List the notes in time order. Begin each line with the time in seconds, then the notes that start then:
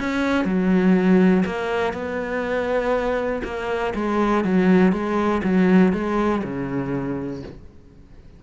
0.00 C#4
0.45 F#3
1.46 A#3
1.94 B3
3.45 A#3
3.95 G#3
4.45 F#3
4.92 G#3
5.44 F#3
5.93 G#3
6.44 C#3